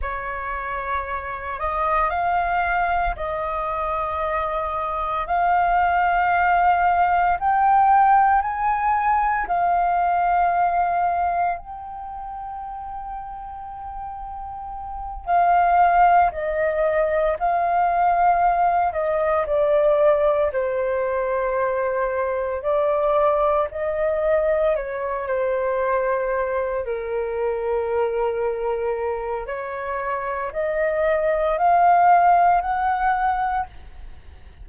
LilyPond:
\new Staff \with { instrumentName = "flute" } { \time 4/4 \tempo 4 = 57 cis''4. dis''8 f''4 dis''4~ | dis''4 f''2 g''4 | gis''4 f''2 g''4~ | g''2~ g''8 f''4 dis''8~ |
dis''8 f''4. dis''8 d''4 c''8~ | c''4. d''4 dis''4 cis''8 | c''4. ais'2~ ais'8 | cis''4 dis''4 f''4 fis''4 | }